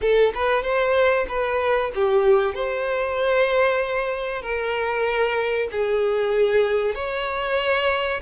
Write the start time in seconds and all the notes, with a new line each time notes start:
0.01 A4
0.34 B4
0.62 C5
1.28 B4
1.94 G4
2.54 C5
4.42 A#4
5.71 G#4
6.94 C#5